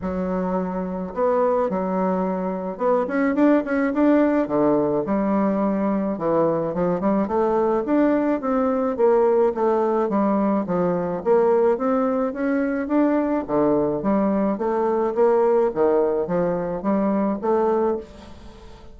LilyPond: \new Staff \with { instrumentName = "bassoon" } { \time 4/4 \tempo 4 = 107 fis2 b4 fis4~ | fis4 b8 cis'8 d'8 cis'8 d'4 | d4 g2 e4 | f8 g8 a4 d'4 c'4 |
ais4 a4 g4 f4 | ais4 c'4 cis'4 d'4 | d4 g4 a4 ais4 | dis4 f4 g4 a4 | }